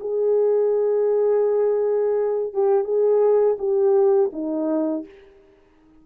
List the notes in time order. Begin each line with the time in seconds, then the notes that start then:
0.00 G#4
2.53 G4
2.84 G#4
3.58 G4
4.32 D#4